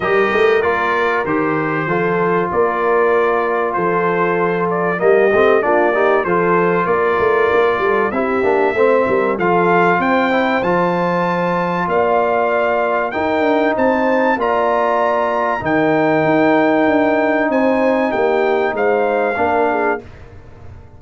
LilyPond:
<<
  \new Staff \with { instrumentName = "trumpet" } { \time 4/4 \tempo 4 = 96 dis''4 d''4 c''2 | d''2 c''4. d''8 | dis''4 d''4 c''4 d''4~ | d''4 e''2 f''4 |
g''4 a''2 f''4~ | f''4 g''4 a''4 ais''4~ | ais''4 g''2. | gis''4 g''4 f''2 | }
  \new Staff \with { instrumentName = "horn" } { \time 4/4 ais'2. a'4 | ais'2 a'2 | g'4 f'8 g'8 a'4 ais'4~ | ais'8 a'8 g'4 c''8 ais'8 a'4 |
c''2. d''4~ | d''4 ais'4 c''4 d''4~ | d''4 ais'2. | c''4 g'4 c''4 ais'8 gis'8 | }
  \new Staff \with { instrumentName = "trombone" } { \time 4/4 g'4 f'4 g'4 f'4~ | f'1 | ais8 c'8 d'8 dis'8 f'2~ | f'4 e'8 d'8 c'4 f'4~ |
f'8 e'8 f'2.~ | f'4 dis'2 f'4~ | f'4 dis'2.~ | dis'2. d'4 | }
  \new Staff \with { instrumentName = "tuba" } { \time 4/4 g8 a8 ais4 dis4 f4 | ais2 f2 | g8 a8 ais4 f4 ais8 a8 | ais8 g8 c'8 ais8 a8 g8 f4 |
c'4 f2 ais4~ | ais4 dis'8 d'8 c'4 ais4~ | ais4 dis4 dis'4 d'4 | c'4 ais4 gis4 ais4 | }
>>